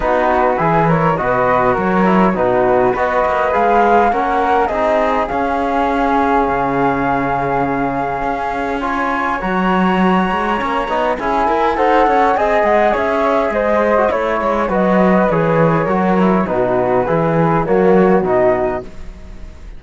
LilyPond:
<<
  \new Staff \with { instrumentName = "flute" } { \time 4/4 \tempo 4 = 102 b'4. cis''8 dis''4 cis''4 | b'4 dis''4 f''4 fis''4 | dis''4 f''2.~ | f''2. gis''4 |
ais''2. gis''4 | fis''4 gis''8 fis''8 e''4 dis''4 | cis''4 dis''4 cis''2 | b'2 cis''4 dis''4 | }
  \new Staff \with { instrumentName = "flute" } { \time 4/4 fis'4 gis'8 ais'8 b'4 ais'4 | fis'4 b'2 ais'4 | gis'1~ | gis'2. cis''4~ |
cis''2. gis'8 ais'8 | c''8 cis''8 dis''4 cis''4 c''4 | cis''4 b'2 ais'4 | fis'4 gis'4 fis'2 | }
  \new Staff \with { instrumentName = "trombone" } { \time 4/4 dis'4 e'4 fis'4. e'8 | dis'4 fis'4 gis'4 cis'4 | dis'4 cis'2.~ | cis'2. f'4 |
fis'2 cis'8 dis'8 e'4 | a'4 gis'2~ gis'8. fis'16 | e'4 fis'4 gis'4 fis'8 e'8 | dis'4 e'4 ais4 dis'4 | }
  \new Staff \with { instrumentName = "cello" } { \time 4/4 b4 e4 b,4 fis4 | b,4 b8 ais8 gis4 ais4 | c'4 cis'2 cis4~ | cis2 cis'2 |
fis4. gis8 ais8 b8 cis'8 e'8 | dis'8 cis'8 c'8 gis8 cis'4 gis4 | a8 gis8 fis4 e4 fis4 | b,4 e4 fis4 b,4 | }
>>